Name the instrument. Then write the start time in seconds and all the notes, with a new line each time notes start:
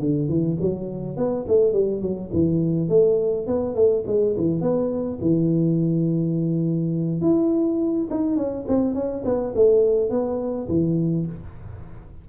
tuba
0.00 D3
0.29 E3
0.61 F#3
1.17 B3
1.48 A3
1.73 G3
2.02 F#3
2.33 E3
2.89 A3
3.47 B3
3.76 A3
4.07 G#3
4.37 E3
4.62 B3
5.22 E3
7.21 E4
8.11 D#4
8.37 C#4
8.68 C4
8.95 C#4
9.25 B3
9.55 A3
10.10 B3
10.69 E3